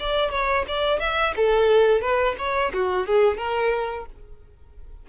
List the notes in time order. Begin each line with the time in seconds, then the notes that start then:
0.00 D5
0.31 C#5
0.68 D5
1.00 E5
1.36 A4
2.01 B4
2.38 C#5
2.73 F#4
3.07 G#4
3.37 A#4